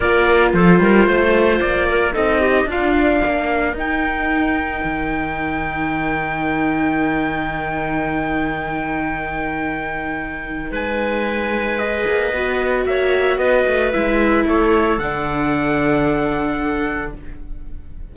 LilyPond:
<<
  \new Staff \with { instrumentName = "trumpet" } { \time 4/4 \tempo 4 = 112 d''4 c''2 d''4 | dis''4 f''2 g''4~ | g''1~ | g''1~ |
g''1 | gis''2 dis''2 | e''4 dis''4 e''4 cis''4 | fis''1 | }
  \new Staff \with { instrumentName = "clarinet" } { \time 4/4 ais'4 a'8 ais'8 c''4. ais'8 | a'8 g'8 f'4 ais'2~ | ais'1~ | ais'1~ |
ais'1 | b'1 | cis''4 b'2 a'4~ | a'1 | }
  \new Staff \with { instrumentName = "viola" } { \time 4/4 f'1 | dis'4 d'2 dis'4~ | dis'1~ | dis'1~ |
dis'1~ | dis'2 gis'4 fis'4~ | fis'2 e'2 | d'1 | }
  \new Staff \with { instrumentName = "cello" } { \time 4/4 ais4 f8 g8 a4 ais4 | c'4 d'4 ais4 dis'4~ | dis'4 dis2.~ | dis1~ |
dis1 | gis2~ gis8 ais8 b4 | ais4 b8 a8 gis4 a4 | d1 | }
>>